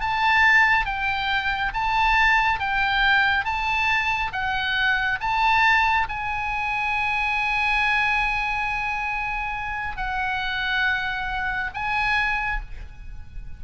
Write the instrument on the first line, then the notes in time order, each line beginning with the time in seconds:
oboe
0.00 A5
0.85 G5
1.74 A5
2.59 G5
3.45 A5
4.32 F#5
5.20 A5
6.09 G#5
9.97 F#5
11.74 G#5